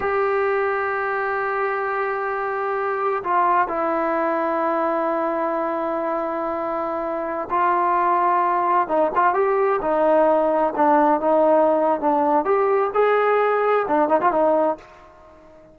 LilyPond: \new Staff \with { instrumentName = "trombone" } { \time 4/4 \tempo 4 = 130 g'1~ | g'2. f'4 | e'1~ | e'1~ |
e'16 f'2. dis'8 f'16~ | f'16 g'4 dis'2 d'8.~ | d'16 dis'4.~ dis'16 d'4 g'4 | gis'2 d'8 dis'16 f'16 dis'4 | }